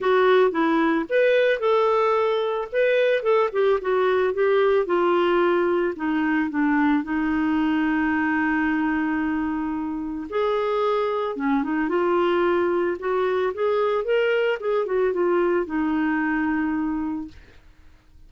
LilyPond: \new Staff \with { instrumentName = "clarinet" } { \time 4/4 \tempo 4 = 111 fis'4 e'4 b'4 a'4~ | a'4 b'4 a'8 g'8 fis'4 | g'4 f'2 dis'4 | d'4 dis'2.~ |
dis'2. gis'4~ | gis'4 cis'8 dis'8 f'2 | fis'4 gis'4 ais'4 gis'8 fis'8 | f'4 dis'2. | }